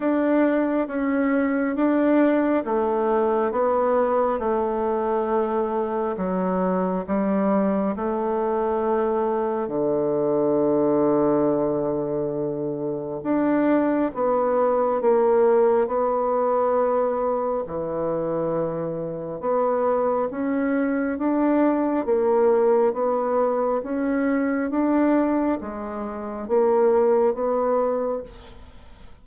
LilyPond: \new Staff \with { instrumentName = "bassoon" } { \time 4/4 \tempo 4 = 68 d'4 cis'4 d'4 a4 | b4 a2 fis4 | g4 a2 d4~ | d2. d'4 |
b4 ais4 b2 | e2 b4 cis'4 | d'4 ais4 b4 cis'4 | d'4 gis4 ais4 b4 | }